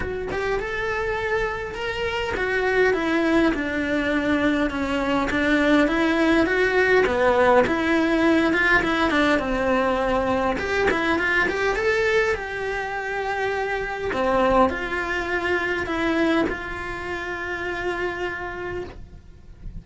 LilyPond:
\new Staff \with { instrumentName = "cello" } { \time 4/4 \tempo 4 = 102 fis'8 g'8 a'2 ais'4 | fis'4 e'4 d'2 | cis'4 d'4 e'4 fis'4 | b4 e'4. f'8 e'8 d'8 |
c'2 g'8 e'8 f'8 g'8 | a'4 g'2. | c'4 f'2 e'4 | f'1 | }